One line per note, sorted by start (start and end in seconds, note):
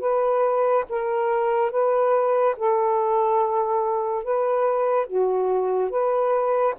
0.00 0.85 B4
0.90 1.71 A#4
1.71 2.55 B4
2.57 4.24 A4
4.24 5.07 B4
5.07 5.90 F#4
5.90 6.75 B4